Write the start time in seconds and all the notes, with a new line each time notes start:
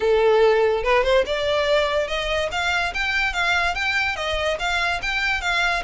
0.00 A4
0.83 B4
1.03 C5
1.25 D5
2.07 D#5
2.51 F5
2.94 G5
3.33 F5
3.74 G5
4.16 D#5
4.59 F5
5.02 G5
5.41 F5